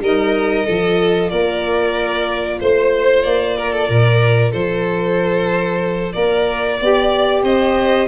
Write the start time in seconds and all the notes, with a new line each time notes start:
0.00 G3 D#4 A#4 D#5
0.65 F3 F4 A4
1.29 A#3 A#4 D5
2.60 A3 C5
3.22 A#3 D5
3.57 A#4
3.72 A4
3.87 A#2 A#4
4.51 F3 A4 C5
6.12 A#3 A#4 D5
6.81 B3 G4 D5
7.42 C4 C5 D#5